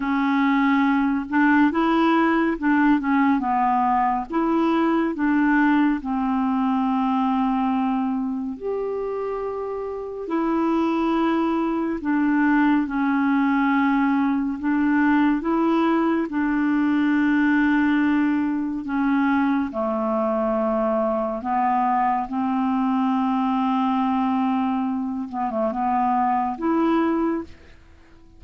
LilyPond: \new Staff \with { instrumentName = "clarinet" } { \time 4/4 \tempo 4 = 70 cis'4. d'8 e'4 d'8 cis'8 | b4 e'4 d'4 c'4~ | c'2 g'2 | e'2 d'4 cis'4~ |
cis'4 d'4 e'4 d'4~ | d'2 cis'4 a4~ | a4 b4 c'2~ | c'4. b16 a16 b4 e'4 | }